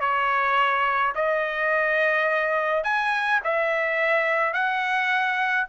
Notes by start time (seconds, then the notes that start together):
0.00 C#5
1.14 D#5
2.83 G#5
3.43 E5
4.53 F#5